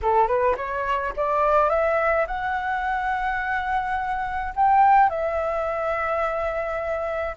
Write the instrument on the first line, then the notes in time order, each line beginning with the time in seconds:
flute
0.02 A4
0.27 B4
0.56 C#5
1.16 D5
1.69 E5
2.27 F#5
4.55 G5
5.09 E5